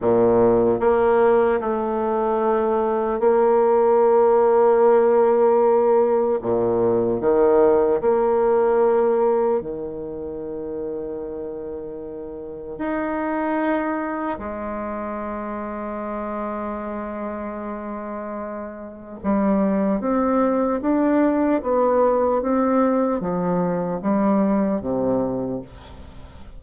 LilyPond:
\new Staff \with { instrumentName = "bassoon" } { \time 4/4 \tempo 4 = 75 ais,4 ais4 a2 | ais1 | ais,4 dis4 ais2 | dis1 |
dis'2 gis2~ | gis1 | g4 c'4 d'4 b4 | c'4 f4 g4 c4 | }